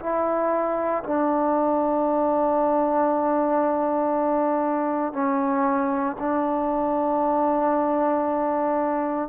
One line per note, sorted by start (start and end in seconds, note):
0.00 1.03 E4
1.04 5.13 D4
5.13 6.16 C#4
6.19 9.29 D4